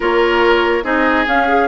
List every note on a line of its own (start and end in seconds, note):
0.00 0.83 A#3
0.00 0.83 F4
0.00 0.83 A#4
0.00 0.84 C#5
0.83 1.25 C4
0.83 1.25 D#4
0.83 1.67 G#4
0.83 1.26 D#5
1.26 1.47 C#4
1.26 1.68 C#4
1.26 1.68 F5
1.47 1.68 G#4